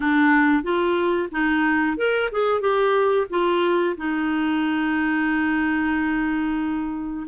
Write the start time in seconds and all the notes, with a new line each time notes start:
0.00 D4
0.63 F4
1.31 D#4
1.97 A#4
2.31 G#4
2.60 G4
3.30 F4
3.97 D#4